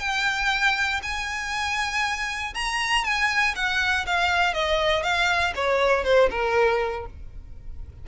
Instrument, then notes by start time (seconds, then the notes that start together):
violin
0.00 G5
1.03 G#5
2.54 A#5
3.04 G#5
3.56 F#5
4.07 F5
4.54 D#5
5.03 F5
5.56 C#5
6.04 C5
6.30 A#4